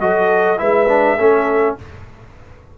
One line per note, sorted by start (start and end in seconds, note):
0.00 0.60 F#3
0.00 0.57 F#4
0.00 0.60 A4
0.00 0.59 D#5
0.57 1.17 G#3
0.57 0.86 E4
0.57 1.18 B4
0.57 1.76 E5
0.88 1.18 D4
1.17 1.75 A3
1.17 1.78 C#4
1.17 1.76 A4